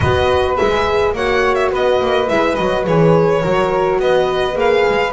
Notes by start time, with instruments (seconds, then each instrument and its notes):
0.00 double bass B3, horn F#4, flute B4, violin D#5
0.56 double bass G#3, horn G#4, violin E5
1.13 double bass A#3, horn F#4, flute C#5, violin F#5
1.54 violin E5
1.71 double bass B3, flute B4, violin D#5
2.00 double bass A#3
2.28 double bass G#3, horn E4, violin E5
2.55 double bass F#3, horn F#4, violin D#5
2.84 double bass E3, horn G#4, violin C#5
3.42 double bass F#3, horn F#4, flute A#4
3.99 double bass B3, flute B4, violin D#5
4.53 double bass A#3, horn G#4, violin F5
4.89 double bass G#3